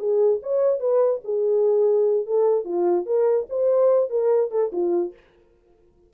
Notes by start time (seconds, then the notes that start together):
0.00 G#4
0.43 C#5
0.80 B4
1.25 G#4
2.27 A4
2.65 F4
3.06 A#4
3.50 C5
4.10 A#4
4.51 A4
4.73 F4